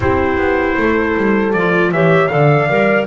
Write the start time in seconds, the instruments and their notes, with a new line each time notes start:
0.00 double bass C4, clarinet E4, horn G4, trumpet C5
0.37 double bass B3
0.76 double bass A3, horn A4
1.16 double bass G3
1.52 double bass F3, clarinet F4, trumpet D5
1.91 double bass E3, clarinet G4, horn C#5, trumpet E5
2.27 double bass D3, clarinet A4, horn D5, trumpet F5
2.68 double bass G3, clarinet A#4